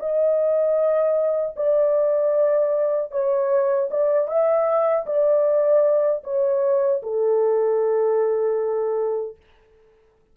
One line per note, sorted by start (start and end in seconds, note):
0.00 1.56 D#5
1.57 3.12 D5
3.12 3.90 C#5
3.91 4.29 D5
4.29 5.06 E5
5.07 6.24 D5
6.24 7.02 C#5
7.03 9.37 A4